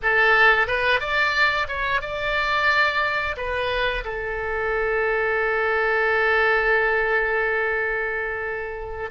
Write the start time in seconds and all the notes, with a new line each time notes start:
0.02 A4
0.67 B4
1.00 D5
1.67 C#5
2.01 D5
3.36 B4
4.04 A4